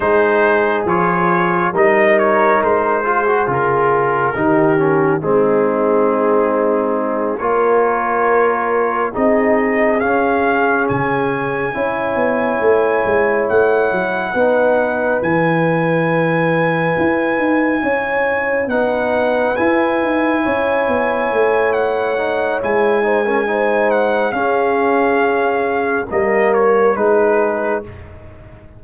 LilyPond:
<<
  \new Staff \with { instrumentName = "trumpet" } { \time 4/4 \tempo 4 = 69 c''4 cis''4 dis''8 cis''8 c''4 | ais'2 gis'2~ | gis'8 cis''2 dis''4 f''8~ | f''8 gis''2. fis''8~ |
fis''4. gis''2~ gis''8~ | gis''4. fis''4 gis''4.~ | gis''4 fis''4 gis''4. fis''8 | f''2 dis''8 cis''8 b'4 | }
  \new Staff \with { instrumentName = "horn" } { \time 4/4 gis'2 ais'4. gis'8~ | gis'4 g'4 dis'2~ | dis'8 ais'2 gis'4.~ | gis'4. cis''2~ cis''8~ |
cis''8 b'2.~ b'8~ | b'8 cis''4 b'2 cis''8~ | cis''2~ cis''8 c''16 ais'16 c''4 | gis'2 ais'4 gis'4 | }
  \new Staff \with { instrumentName = "trombone" } { \time 4/4 dis'4 f'4 dis'4. f'16 fis'16 | f'4 dis'8 cis'8 c'2~ | c'8 f'2 dis'4 cis'8~ | cis'4. e'2~ e'8~ |
e'8 dis'4 e'2~ e'8~ | e'4. dis'4 e'4.~ | e'4. dis'8 e'8 dis'16 cis'16 dis'4 | cis'2 ais4 dis'4 | }
  \new Staff \with { instrumentName = "tuba" } { \time 4/4 gis4 f4 g4 gis4 | cis4 dis4 gis2~ | gis8 ais2 c'4 cis'8~ | cis'8 cis4 cis'8 b8 a8 gis8 a8 |
fis8 b4 e2 e'8 | dis'8 cis'4 b4 e'8 dis'8 cis'8 | b8 a4. gis2 | cis'2 g4 gis4 | }
>>